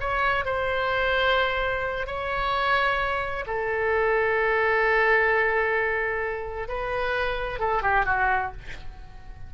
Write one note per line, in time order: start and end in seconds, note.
0.00 0.45 C#5
0.45 2.06 C5
2.06 3.45 C#5
3.46 6.68 A4
6.68 7.59 B4
7.59 7.82 A4
7.82 8.05 G4
8.05 8.51 F#4